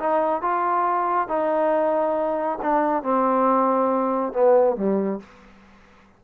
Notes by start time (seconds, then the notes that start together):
0.00 D#4
0.42 F4
1.29 D#4
2.62 D4
3.04 C4
4.34 B3
4.77 G3